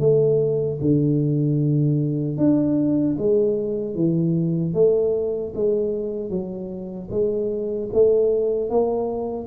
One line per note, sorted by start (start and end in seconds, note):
0.00 0.79 A3
0.81 2.38 D3
2.38 3.17 D4
3.18 3.95 G#3
3.95 4.74 E3
4.74 5.53 A3
5.55 6.30 G#3
6.30 7.09 F#3
7.11 7.90 G#3
7.93 8.70 A3
8.70 9.47 A#3